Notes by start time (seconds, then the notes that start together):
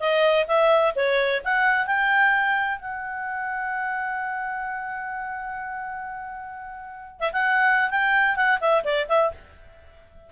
0.00 D#5
0.48 E5
0.96 C#5
1.44 F#5
1.86 G5
2.79 F#5
7.20 E5
7.33 F#5
7.90 G5
8.36 F#5
8.61 E5
8.84 D5
9.09 E5